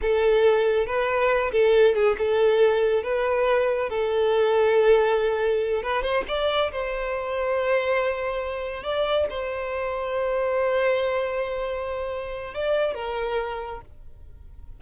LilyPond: \new Staff \with { instrumentName = "violin" } { \time 4/4 \tempo 4 = 139 a'2 b'4. a'8~ | a'8 gis'8 a'2 b'4~ | b'4 a'2.~ | a'4. b'8 c''8 d''4 c''8~ |
c''1~ | c''8 d''4 c''2~ c''8~ | c''1~ | c''4 d''4 ais'2 | }